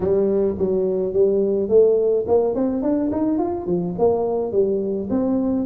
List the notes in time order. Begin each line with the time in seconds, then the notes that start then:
0.00 G3
0.58 F#3
1.13 G3
1.69 A3
2.27 A#3
2.54 C4
2.82 D4
3.11 D#4
3.38 F4
3.66 F3
3.98 A#3
4.52 G3
5.10 C4